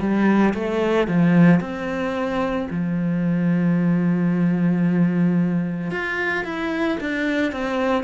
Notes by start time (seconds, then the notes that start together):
0.00 G3
0.54 A3
1.08 F3
1.60 C4
2.70 F3
5.91 F4
6.44 E4
7.01 D4
7.52 C4